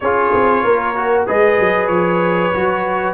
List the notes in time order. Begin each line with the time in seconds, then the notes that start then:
0.00 C#4 F4 G#4 C#5
0.34 C4
0.63 A#3 A#4
0.95 F#4
1.27 G#3 G#4 B4 D#5
1.59 F#3
1.87 F3 C#5
2.53 F#3 F#4